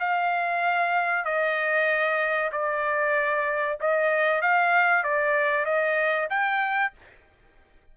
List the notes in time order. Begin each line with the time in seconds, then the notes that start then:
0.00 F5
1.25 D#5
2.53 D5
3.81 D#5
4.42 F5
5.04 D5
5.66 D#5
6.30 G5